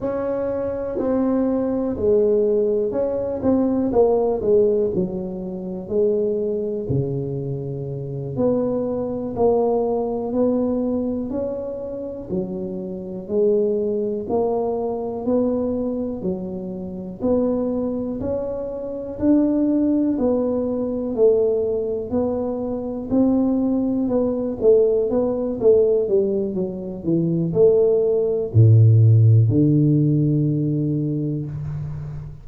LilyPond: \new Staff \with { instrumentName = "tuba" } { \time 4/4 \tempo 4 = 61 cis'4 c'4 gis4 cis'8 c'8 | ais8 gis8 fis4 gis4 cis4~ | cis8 b4 ais4 b4 cis'8~ | cis'8 fis4 gis4 ais4 b8~ |
b8 fis4 b4 cis'4 d'8~ | d'8 b4 a4 b4 c'8~ | c'8 b8 a8 b8 a8 g8 fis8 e8 | a4 a,4 d2 | }